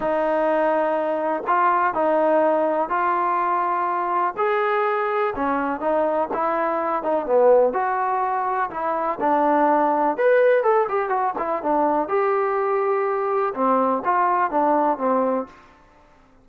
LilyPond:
\new Staff \with { instrumentName = "trombone" } { \time 4/4 \tempo 4 = 124 dis'2. f'4 | dis'2 f'2~ | f'4 gis'2 cis'4 | dis'4 e'4. dis'8 b4 |
fis'2 e'4 d'4~ | d'4 b'4 a'8 g'8 fis'8 e'8 | d'4 g'2. | c'4 f'4 d'4 c'4 | }